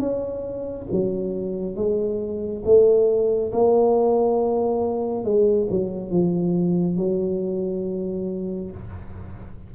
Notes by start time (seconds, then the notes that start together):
0.00 C#4
0.92 F#3
1.76 G#3
2.65 A3
3.53 A#3
5.25 G#3
5.70 F#3
6.11 F3
6.98 F#3